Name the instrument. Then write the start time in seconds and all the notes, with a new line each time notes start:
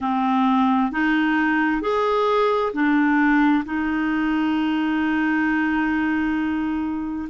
clarinet
0.00 C4
0.91 D#4
1.81 G#4
2.73 D4
3.65 D#4